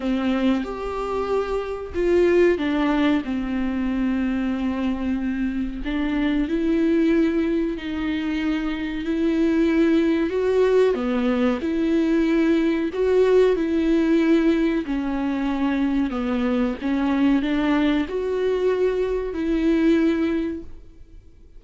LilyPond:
\new Staff \with { instrumentName = "viola" } { \time 4/4 \tempo 4 = 93 c'4 g'2 f'4 | d'4 c'2.~ | c'4 d'4 e'2 | dis'2 e'2 |
fis'4 b4 e'2 | fis'4 e'2 cis'4~ | cis'4 b4 cis'4 d'4 | fis'2 e'2 | }